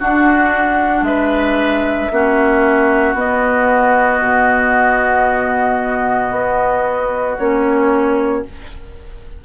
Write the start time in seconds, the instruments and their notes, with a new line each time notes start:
0.00 clarinet D4, bassoon D4, oboe F#4, flute F#5
1.02 bassoon G#3, oboe B4, flute E5
2.12 bassoon A#3, clarinet C#4, oboe F#4
3.14 bassoon B3, clarinet B3, flute D#5
4.21 bassoon B2
6.31 bassoon B3
7.38 bassoon A#3, clarinet C#4, flute C#5